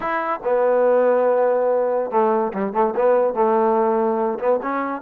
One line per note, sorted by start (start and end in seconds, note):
0.00 0.39 E4
0.43 2.10 B3
2.10 2.52 A3
2.53 2.73 G3
2.73 2.94 A3
2.96 3.34 B3
3.34 4.38 A3
4.39 4.60 B3
4.62 5.01 C#4